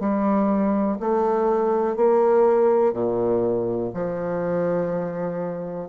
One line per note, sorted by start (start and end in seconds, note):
0.00 0.98 G3
1.00 1.97 A3
1.97 2.93 A#3
2.93 3.92 A#2
3.94 5.89 F3